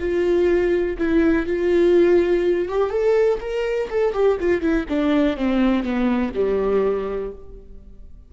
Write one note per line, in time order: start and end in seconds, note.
0.00 0.98 F4
0.98 1.47 E4
1.47 2.69 F4
2.69 2.90 G4
2.90 3.39 A4
3.41 3.89 A#4
3.90 4.14 A4
4.14 4.38 G4
4.40 4.62 F4
4.62 4.86 E4
4.89 5.37 D4
5.37 5.84 C4
5.84 6.32 B3
6.35 7.32 G3